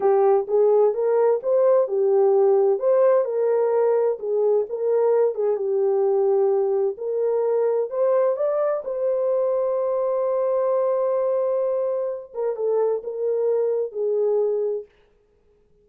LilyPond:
\new Staff \with { instrumentName = "horn" } { \time 4/4 \tempo 4 = 129 g'4 gis'4 ais'4 c''4 | g'2 c''4 ais'4~ | ais'4 gis'4 ais'4. gis'8 | g'2. ais'4~ |
ais'4 c''4 d''4 c''4~ | c''1~ | c''2~ c''8 ais'8 a'4 | ais'2 gis'2 | }